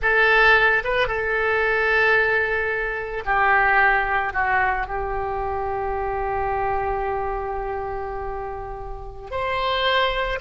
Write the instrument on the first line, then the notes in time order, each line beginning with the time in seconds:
oboe
0.01 A4
0.84 B4
1.07 A4
3.25 G4
4.33 F#4
4.87 G4
9.30 C5